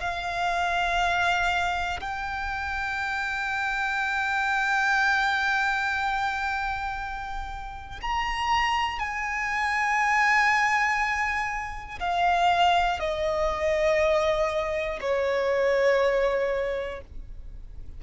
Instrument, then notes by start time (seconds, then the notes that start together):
violin
0.00 F5
2.00 G5
8.01 A#5
8.99 G#5
11.99 F5
12.99 D#5
15.00 C#5